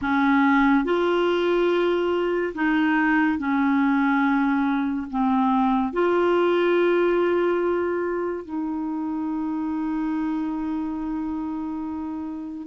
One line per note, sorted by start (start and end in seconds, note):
0.01 0.84 C#4
0.84 2.53 F4
2.54 3.38 D#4
3.38 5.07 C#4
5.10 5.92 C4
5.92 8.45 F4
8.45 12.67 D#4